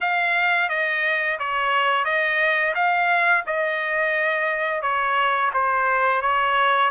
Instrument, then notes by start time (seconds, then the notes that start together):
trumpet
0.00 F5
0.69 D#5
1.39 C#5
2.05 D#5
2.75 F5
3.46 D#5
4.82 C#5
5.53 C5
6.21 C#5